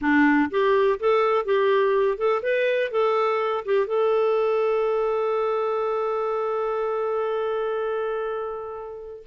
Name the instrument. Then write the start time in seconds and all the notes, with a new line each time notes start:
clarinet
0.01 D4
0.50 G4
0.99 A4
1.45 G4
2.17 A4
2.42 B4
2.91 A4
3.65 G4
3.86 A4